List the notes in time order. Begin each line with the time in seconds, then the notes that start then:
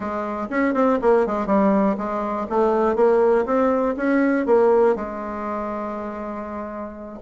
0.00 G#3
0.50 C#4
0.73 C4
1.01 A#3
1.26 G#3
1.46 G3
1.97 G#3
2.49 A3
2.95 A#3
3.45 C4
3.96 C#4
4.46 A#3
4.95 G#3